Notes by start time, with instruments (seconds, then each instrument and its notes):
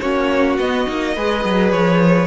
0.00 cello A#3, viola C#4, violin F#4 C#5
0.58 cello B3, viola B3, violin D#5
0.87 cello A#3, viola D#4
1.16 cello G#3, viola G#4, violin B4
1.45 cello F#3
1.72 cello F3, violin C#5